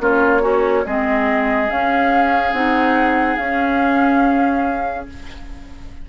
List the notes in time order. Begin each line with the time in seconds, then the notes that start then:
0.00 A#3 C#4 F4 C#5
0.41 C#4 F#4
0.86 G#3 C4 G#4 D#5
1.68 C#4 F5
2.53 C4 D#4 F#5
3.37 C#4 F5